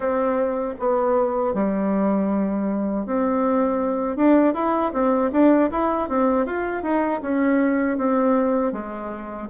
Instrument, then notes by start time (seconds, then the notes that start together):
bassoon
0.00 C4
0.79 B3
1.54 G3
3.06 C4
4.16 D4
4.54 E4
4.93 C4
5.32 D4
5.71 E4
6.08 C4
6.46 F4
6.83 D#4
7.21 C#4
7.97 C4
8.72 G#3